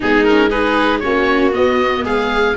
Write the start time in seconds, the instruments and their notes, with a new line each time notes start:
0.00 tuba G#3, viola B3 D#4, oboe G#4
0.24 viola C#4, oboe A#4
0.50 viola D#4 G#4, oboe B4
0.99 tuba A#3, viola C#4 F#4, oboe C#5
1.51 viola B3, tuba B3, oboe D#5
2.04 tuba G#3, viola G#4, oboe F5